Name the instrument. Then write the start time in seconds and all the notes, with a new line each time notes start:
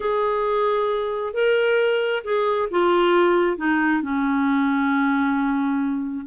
clarinet
0.00 G#4
1.33 A#4
2.24 G#4
2.70 F4
3.57 D#4
4.02 C#4